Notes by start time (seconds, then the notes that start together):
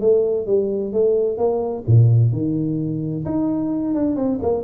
0.00 A3
0.46 G3
0.93 A3
1.37 A#3
1.87 A#2
2.32 D#3
3.25 D#4
3.94 D4
4.16 C4
4.42 A#3